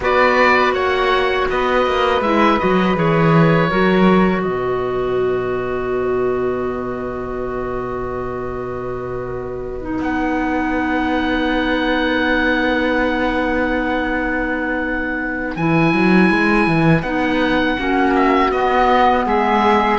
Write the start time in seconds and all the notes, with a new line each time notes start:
0.00 B3 F#4 B4 D5
0.71 A#3 C#5 F#5
1.50 B3 B4 D#5
1.86 A#3
2.20 G#3 E4 E5
2.58 F#3 F#4 D#5
2.95 E3 G#4 C#5
3.70 F#3 F#4 A#4
4.42 B2 B4 D#5
9.81 D#4
10.00 B3 F#5
15.56 E3 E4 G#5
15.92 F#3
16.30 G#3
16.67 E3
17.02 B3 D#4 F#5
17.77 A#3 C#4 F#4
18.15 E5
18.50 B3 D#5
19.25 G#3 G#4 E5